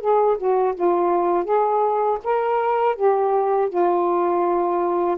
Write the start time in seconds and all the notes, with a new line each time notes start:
0.00 G#4
0.37 F#4
0.75 F4
1.44 G#4
2.24 A#4
2.96 G4
3.69 F4